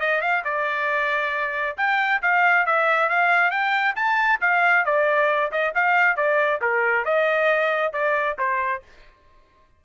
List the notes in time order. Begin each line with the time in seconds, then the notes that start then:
0.00 D#5
0.21 F5
0.45 D5
1.78 G5
2.22 F5
2.66 E5
3.09 F5
3.51 G5
3.96 A5
4.41 F5
4.85 D5
5.52 D#5
5.75 F5
6.17 D5
6.61 A#4
7.05 D#5
7.93 D5
8.38 C5